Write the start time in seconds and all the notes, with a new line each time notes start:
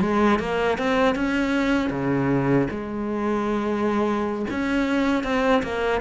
0.00 G#3
0.39 A#3
0.78 C4
1.15 C#4
1.89 C#3
2.70 G#3
4.50 C#4
5.23 C4
5.62 A#3